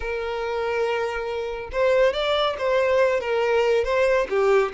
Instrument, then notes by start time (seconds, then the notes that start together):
violin
0.00 A#4
1.72 C5
2.13 D5
2.58 C5
3.20 A#4
3.84 C5
4.29 G4